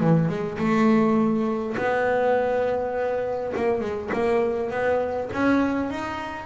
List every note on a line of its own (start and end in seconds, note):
0.00 0.28 E3
0.28 0.58 G#3
0.58 1.76 A3
1.77 3.53 B3
3.56 3.80 A#3
3.80 4.10 G#3
4.13 4.71 A#3
4.71 5.29 B3
5.33 5.90 C#4
5.90 6.46 D#4